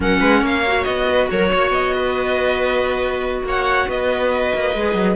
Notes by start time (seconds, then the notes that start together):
0.00 F#3 C#4 A#4 F#5
0.19 G#3 B4
0.39 A#3 C#5
0.45 F5
0.66 F#4
0.83 B3 D#5
1.09 B4
1.30 F#3 A#4 C#5
1.51 A#3 C#5
1.69 B3 D#5
1.95 B4
3.43 A#3 C#5 F#5
3.87 B3 B4 D#5
4.54 A#3
4.74 G#3 G#4
4.94 F#3